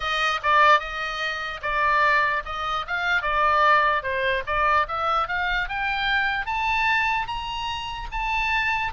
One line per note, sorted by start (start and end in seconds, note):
0.00 0.40 D#5
0.42 0.79 D5
0.79 1.60 D#5
1.62 2.43 D5
2.45 2.85 D#5
2.87 3.22 F5
3.22 4.02 D5
4.02 4.43 C5
4.46 4.86 D5
4.88 5.28 E5
5.28 5.68 F5
5.68 6.46 G5
6.46 7.27 A5
7.27 8.08 A#5
8.11 8.92 A5